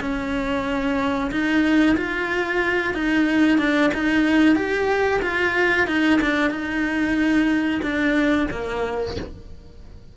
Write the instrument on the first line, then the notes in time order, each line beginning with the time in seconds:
cello
0.00 C#4
1.31 D#4
1.97 F4
2.93 D#4
3.58 D4
3.94 D#4
4.55 G4
5.22 F4
5.87 D#4
6.21 D4
6.50 D#4
7.82 D4
8.51 A#3